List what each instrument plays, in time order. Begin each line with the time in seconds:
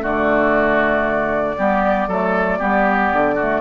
0.00 bassoon D3, clarinet A3, oboe F#4, flute D5
1.57 bassoon G3, clarinet B3, oboe G4
2.07 bassoon F#3, clarinet A3, oboe A4
2.58 bassoon G3, clarinet B3, oboe G4
3.12 bassoon D3
3.34 clarinet A3, oboe F#4